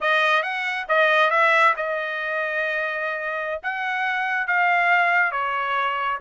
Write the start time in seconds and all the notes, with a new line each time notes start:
0.00 D#5
0.42 F#5
0.88 D#5
1.30 E5
1.76 D#5
3.62 F#5
4.47 F5
5.31 C#5